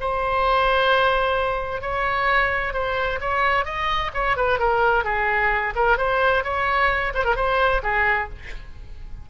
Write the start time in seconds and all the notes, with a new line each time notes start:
0.00 C5
1.81 C#5
2.73 C5
3.21 C#5
3.65 D#5
4.13 C#5
4.37 B4
4.59 A#4
5.04 G#4
5.75 A#4
5.97 C5
6.44 C#5
7.14 C5
7.24 A#4
7.36 C5
7.83 G#4